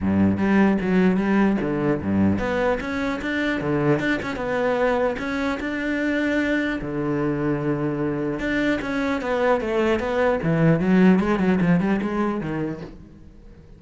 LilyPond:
\new Staff \with { instrumentName = "cello" } { \time 4/4 \tempo 4 = 150 g,4 g4 fis4 g4 | d4 g,4 b4 cis'4 | d'4 d4 d'8 cis'8 b4~ | b4 cis'4 d'2~ |
d'4 d2.~ | d4 d'4 cis'4 b4 | a4 b4 e4 fis4 | gis8 fis8 f8 g8 gis4 dis4 | }